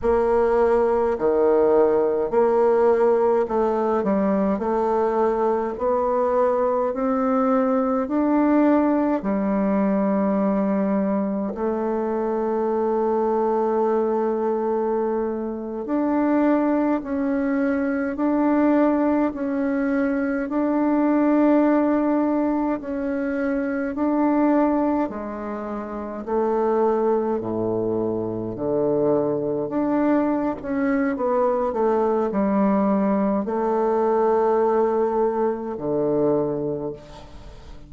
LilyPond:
\new Staff \with { instrumentName = "bassoon" } { \time 4/4 \tempo 4 = 52 ais4 dis4 ais4 a8 g8 | a4 b4 c'4 d'4 | g2 a2~ | a4.~ a16 d'4 cis'4 d'16~ |
d'8. cis'4 d'2 cis'16~ | cis'8. d'4 gis4 a4 a,16~ | a,8. d4 d'8. cis'8 b8 a8 | g4 a2 d4 | }